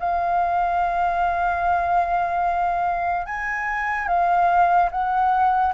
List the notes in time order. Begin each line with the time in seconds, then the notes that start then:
0.00 F5
3.27 G#5
4.08 F5
4.91 F#5